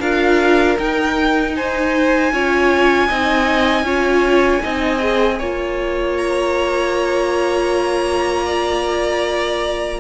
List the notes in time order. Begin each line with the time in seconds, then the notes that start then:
0.00 D4 F4 A#4 F5
0.79 D#4 G5
1.56 C5 G#5
2.33 C#4 F4 C#5
3.08 C4 D#4 D#5
3.83 C#4 F4 C#5
4.62 C4 D#4 D#5
4.99 G#4
5.39 A#3 F4 C#5
6.17 A#5
8.45 D5